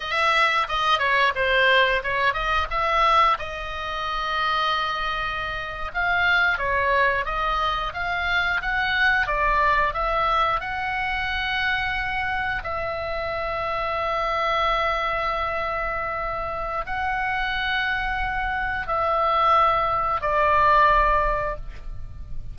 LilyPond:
\new Staff \with { instrumentName = "oboe" } { \time 4/4 \tempo 4 = 89 e''4 dis''8 cis''8 c''4 cis''8 dis''8 | e''4 dis''2.~ | dis''8. f''4 cis''4 dis''4 f''16~ | f''8. fis''4 d''4 e''4 fis''16~ |
fis''2~ fis''8. e''4~ e''16~ | e''1~ | e''4 fis''2. | e''2 d''2 | }